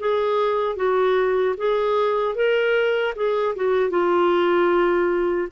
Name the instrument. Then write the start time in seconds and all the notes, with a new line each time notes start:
clarinet
0.00 G#4
0.77 F#4
1.58 G#4
2.36 A#4
3.16 G#4
3.56 F#4
3.91 F4